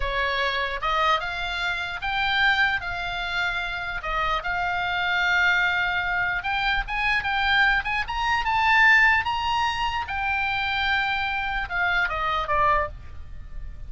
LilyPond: \new Staff \with { instrumentName = "oboe" } { \time 4/4 \tempo 4 = 149 cis''2 dis''4 f''4~ | f''4 g''2 f''4~ | f''2 dis''4 f''4~ | f''1 |
g''4 gis''4 g''4. gis''8 | ais''4 a''2 ais''4~ | ais''4 g''2.~ | g''4 f''4 dis''4 d''4 | }